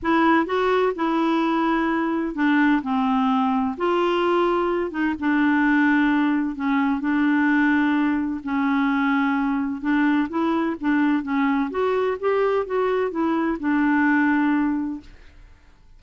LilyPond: \new Staff \with { instrumentName = "clarinet" } { \time 4/4 \tempo 4 = 128 e'4 fis'4 e'2~ | e'4 d'4 c'2 | f'2~ f'8 dis'8 d'4~ | d'2 cis'4 d'4~ |
d'2 cis'2~ | cis'4 d'4 e'4 d'4 | cis'4 fis'4 g'4 fis'4 | e'4 d'2. | }